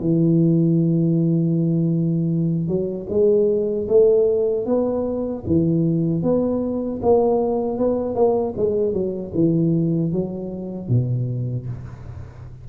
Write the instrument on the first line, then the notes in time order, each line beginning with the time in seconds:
tuba
0.00 E3
2.67 F#3
3.10 G#3
3.88 A3
4.66 B3
5.47 E3
6.22 B3
7.02 A#3
7.77 B3
8.15 A#3
8.56 G#3
8.93 F#3
9.34 E3
10.12 F#3
10.88 B2